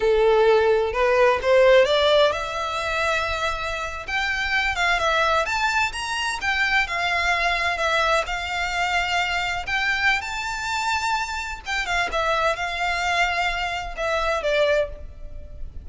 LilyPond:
\new Staff \with { instrumentName = "violin" } { \time 4/4 \tempo 4 = 129 a'2 b'4 c''4 | d''4 e''2.~ | e''8. g''4. f''8 e''4 a''16~ | a''8. ais''4 g''4 f''4~ f''16~ |
f''8. e''4 f''2~ f''16~ | f''8. g''4~ g''16 a''2~ | a''4 g''8 f''8 e''4 f''4~ | f''2 e''4 d''4 | }